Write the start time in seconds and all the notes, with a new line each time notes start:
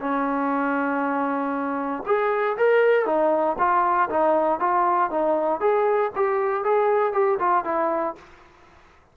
0.00 C#4
2.06 G#4
2.57 A#4
3.06 D#4
3.59 F4
4.10 D#4
4.60 F4
5.11 D#4
5.60 G#4
6.15 G4
6.64 G#4
7.13 G4
7.39 F4
7.64 E4